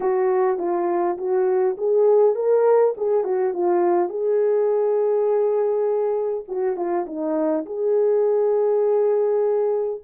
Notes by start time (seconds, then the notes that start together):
0.00 F#4
0.58 F4
1.17 F#4
1.77 G#4
2.35 A#4
2.97 G#4
3.24 F#4
3.53 F4
4.09 G#4
6.47 F#4
6.76 F4
7.06 D#4
7.65 G#4